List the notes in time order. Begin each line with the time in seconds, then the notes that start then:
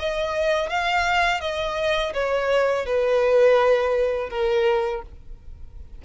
0.00 D#5
0.70 F5
1.41 D#5
2.14 C#5
2.86 B4
4.30 A#4